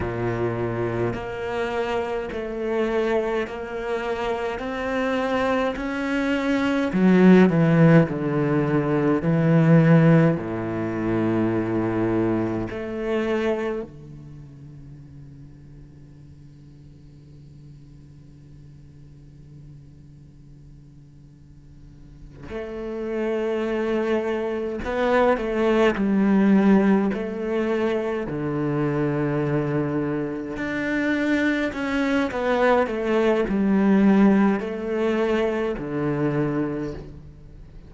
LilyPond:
\new Staff \with { instrumentName = "cello" } { \time 4/4 \tempo 4 = 52 ais,4 ais4 a4 ais4 | c'4 cis'4 fis8 e8 d4 | e4 a,2 a4 | d1~ |
d2.~ d8 a8~ | a4. b8 a8 g4 a8~ | a8 d2 d'4 cis'8 | b8 a8 g4 a4 d4 | }